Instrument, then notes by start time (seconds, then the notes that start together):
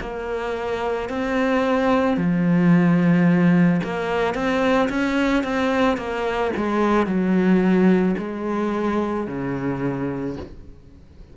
cello
0.00 A#3
1.09 C4
2.17 F3
3.83 A#3
4.34 C4
4.89 C#4
5.43 C4
5.97 A#3
6.56 G#3
7.06 F#3
8.18 G#3
9.27 C#3